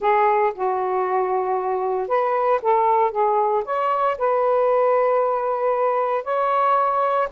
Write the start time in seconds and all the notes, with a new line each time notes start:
0.00 G#4
0.54 F#4
2.08 B4
2.61 A4
3.11 G#4
3.65 C#5
4.17 B4
6.24 C#5